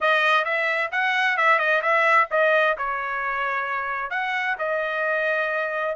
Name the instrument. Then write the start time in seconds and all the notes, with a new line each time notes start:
trumpet
0.00 D#5
0.45 E5
0.91 F#5
1.37 E5
1.58 D#5
1.82 E5
2.30 D#5
2.77 C#5
4.10 F#5
4.58 D#5